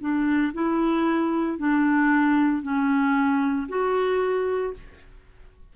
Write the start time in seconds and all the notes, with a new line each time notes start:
0.00 D4
0.54 E4
1.58 D4
2.62 C#4
3.68 F#4